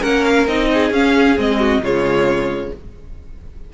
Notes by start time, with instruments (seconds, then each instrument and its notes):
0.00 cello A#3, viola C#4, violin A#4 F#5
0.24 violin F5
0.47 cello C4, viola D#4, violin D#5
0.73 violin G#4
0.91 cello C#4, viola C#4, violin F5
1.37 cello G#3, viola C4, violin D#5
1.59 violin F#4
1.80 cello C#3, viola G#3, violin F4 C#5